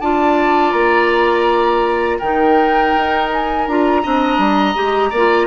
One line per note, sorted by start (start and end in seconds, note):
0.00 0.73 D4
0.00 2.21 F4
0.00 2.19 D5
0.00 0.73 A5
0.73 2.20 A#3
0.73 2.19 A#5
2.19 2.94 D#3
2.19 3.69 D#4
2.19 4.02 A#4
2.19 3.30 G5
2.96 3.68 D#4
3.33 3.68 G#5
3.68 4.04 D4
3.68 4.04 F4
3.68 5.47 A#5
4.03 4.38 C4
4.03 4.75 D4
4.03 5.10 D#5
4.38 4.75 G3
4.75 5.12 G#3
4.75 5.12 G4
5.10 5.47 A#3
5.10 5.47 D5
5.17 5.47 F4